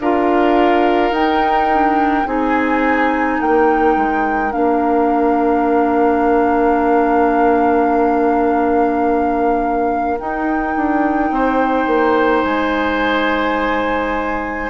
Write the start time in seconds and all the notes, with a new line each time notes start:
0.00 D4 F4 A#4 F5
1.11 D#4 G5
1.72 D4
2.25 C4 D#4 G#4 G#5
3.40 A#3 A#4 G5
3.97 G#3
4.50 A#3 D4 F5
10.18 D#4 G5
10.76 D4
11.31 C4 C5
11.87 A#3
12.44 G#3 G#5